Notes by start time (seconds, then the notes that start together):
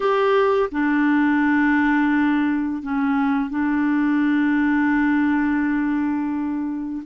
0.00 G4
0.71 D4
2.82 C#4
3.49 D4